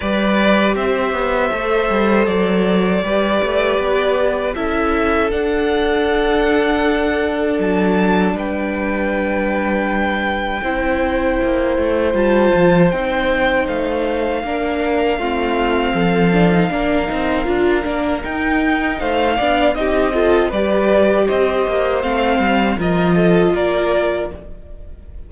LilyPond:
<<
  \new Staff \with { instrumentName = "violin" } { \time 4/4 \tempo 4 = 79 d''4 e''2 d''4~ | d''2 e''4 fis''4~ | fis''2 a''4 g''4~ | g''1 |
a''4 g''4 f''2~ | f''1 | g''4 f''4 dis''4 d''4 | dis''4 f''4 dis''4 d''4 | }
  \new Staff \with { instrumentName = "violin" } { \time 4/4 b'4 c''2. | b'2 a'2~ | a'2. b'4~ | b'2 c''2~ |
c''2. ais'4 | f'4 a'4 ais'2~ | ais'4 c''8 d''8 g'8 a'8 b'4 | c''2 ais'8 a'8 ais'4 | }
  \new Staff \with { instrumentName = "viola" } { \time 4/4 g'2 a'2 | g'2 e'4 d'4~ | d'1~ | d'2 e'2 |
f'4 dis'2 d'4 | c'4. d'16 dis'16 d'8 dis'8 f'8 d'8 | dis'4. d'8 dis'8 f'8 g'4~ | g'4 c'4 f'2 | }
  \new Staff \with { instrumentName = "cello" } { \time 4/4 g4 c'8 b8 a8 g8 fis4 | g8 a8 b4 cis'4 d'4~ | d'2 fis4 g4~ | g2 c'4 ais8 a8 |
g8 f8 c'4 a4 ais4 | a4 f4 ais8 c'8 d'8 ais8 | dis'4 a8 b8 c'4 g4 | c'8 ais8 a8 g8 f4 ais4 | }
>>